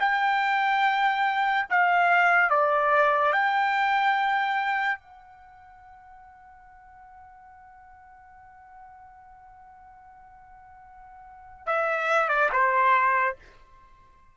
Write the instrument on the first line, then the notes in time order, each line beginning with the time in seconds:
trumpet
0.00 G5
1.70 F5
2.50 D5
3.33 G5
5.00 F#5
11.66 E5
12.29 D5
12.53 C5